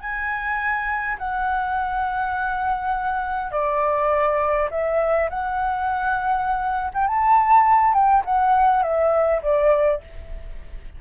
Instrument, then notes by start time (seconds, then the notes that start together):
flute
0.00 G#5
1.18 F#5
3.52 D5
4.71 E5
5.30 F#5
6.94 G5
7.07 A5
7.94 G5
8.25 F#5
8.83 E5
9.42 D5